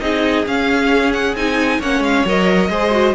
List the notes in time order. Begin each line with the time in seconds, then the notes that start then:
0.00 C4 D#4 G#4 D#5
0.46 C#4 F5
1.12 F#5
1.35 C4 D#4 G#5
1.79 A#3 C#4 C#5 F#5
1.99 G#3 F5
2.25 F#3 A#4 D#5
2.69 G#3 G#4 C5
2.91 F#4